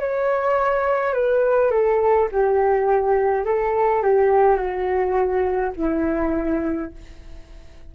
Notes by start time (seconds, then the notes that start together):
0.00 C#5
1.14 B4
1.71 A4
2.32 G4
3.45 A4
4.03 G4
4.56 F#4
5.76 E4